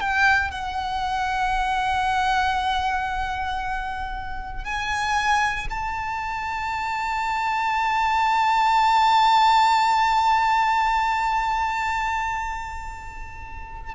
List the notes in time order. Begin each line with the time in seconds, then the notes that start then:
0.00 G5
0.51 F#5
4.64 G#5
5.70 A5